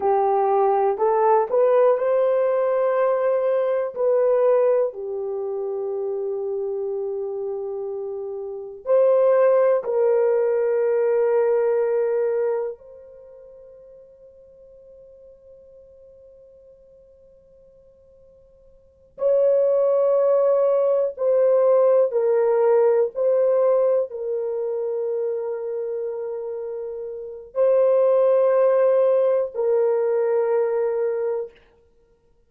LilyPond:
\new Staff \with { instrumentName = "horn" } { \time 4/4 \tempo 4 = 61 g'4 a'8 b'8 c''2 | b'4 g'2.~ | g'4 c''4 ais'2~ | ais'4 c''2.~ |
c''2.~ c''8 cis''8~ | cis''4. c''4 ais'4 c''8~ | c''8 ais'2.~ ais'8 | c''2 ais'2 | }